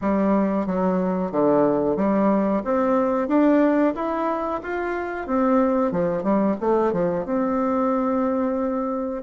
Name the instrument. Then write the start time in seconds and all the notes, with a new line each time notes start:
bassoon
0.01 G3
0.66 F#3
1.31 D3
1.96 G3
2.64 C4
3.28 D4
3.94 E4
4.62 F4
5.26 C4
5.91 F3
6.23 G3
6.60 A3
6.92 F3
7.25 C4